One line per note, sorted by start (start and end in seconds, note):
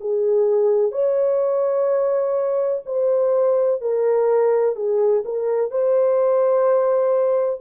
0.00 0.91 G#4
0.91 2.82 C#5
2.85 3.81 C5
3.81 4.75 A#4
4.75 5.23 G#4
5.24 5.70 A#4
5.70 7.60 C5